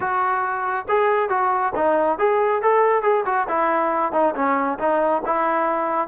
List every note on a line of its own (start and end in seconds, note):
0.00 0.86 F#4
0.88 1.29 G#4
1.29 1.73 F#4
1.75 2.18 D#4
2.18 2.62 G#4
2.62 3.02 A4
3.02 3.24 G#4
3.25 3.47 F#4
3.48 4.12 E4
4.12 4.34 D#4
4.35 4.78 C#4
4.78 5.22 D#4
5.25 6.08 E4